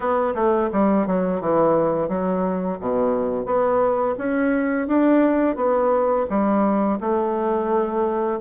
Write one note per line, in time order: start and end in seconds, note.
0.00 0.34 B3
0.34 0.69 A3
0.72 1.06 G3
1.06 1.40 F#3
1.40 2.08 E3
2.08 2.78 F#3
2.79 3.45 B2
3.45 4.15 B3
4.18 4.87 C#4
4.87 5.56 D4
5.56 6.25 B3
6.29 6.99 G3
7.00 8.40 A3